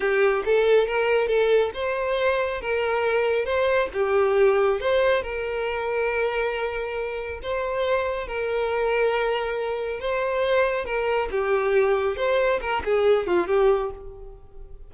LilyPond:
\new Staff \with { instrumentName = "violin" } { \time 4/4 \tempo 4 = 138 g'4 a'4 ais'4 a'4 | c''2 ais'2 | c''4 g'2 c''4 | ais'1~ |
ais'4 c''2 ais'4~ | ais'2. c''4~ | c''4 ais'4 g'2 | c''4 ais'8 gis'4 f'8 g'4 | }